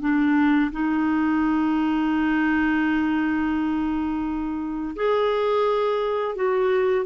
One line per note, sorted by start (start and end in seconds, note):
0.00 0.71 D4
0.72 4.95 D#4
4.95 6.35 G#4
6.35 7.05 F#4